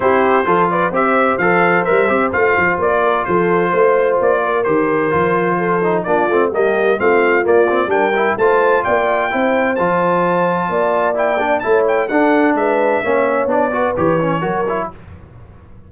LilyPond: <<
  \new Staff \with { instrumentName = "trumpet" } { \time 4/4 \tempo 4 = 129 c''4. d''8 e''4 f''4 | e''4 f''4 d''4 c''4~ | c''4 d''4 c''2~ | c''4 d''4 dis''4 f''4 |
d''4 g''4 a''4 g''4~ | g''4 a''2. | g''4 a''8 g''8 fis''4 e''4~ | e''4 d''4 cis''2 | }
  \new Staff \with { instrumentName = "horn" } { \time 4/4 g'4 a'8 b'8 c''2~ | c''2~ c''8 ais'8 a'4 | c''4. ais'2~ ais'8 | a'4 f'4 g'4 f'4~ |
f'4 ais'4 c''4 d''4 | c''2. d''4~ | d''4 cis''4 a'4 b'4 | cis''4. b'4. ais'4 | }
  \new Staff \with { instrumentName = "trombone" } { \time 4/4 e'4 f'4 g'4 a'4 | ais'8 g'8 f'2.~ | f'2 g'4 f'4~ | f'8 dis'8 d'8 c'8 ais4 c'4 |
ais8 c'8 d'8 e'8 f'2 | e'4 f'2. | e'8 d'8 e'4 d'2 | cis'4 d'8 fis'8 g'8 cis'8 fis'8 e'8 | }
  \new Staff \with { instrumentName = "tuba" } { \time 4/4 c'4 f4 c'4 f4 | g8 c'8 a8 f8 ais4 f4 | a4 ais4 dis4 f4~ | f4 ais8 a8 g4 a4 |
ais4 g4 a4 ais4 | c'4 f2 ais4~ | ais4 a4 d'4 gis4 | ais4 b4 e4 fis4 | }
>>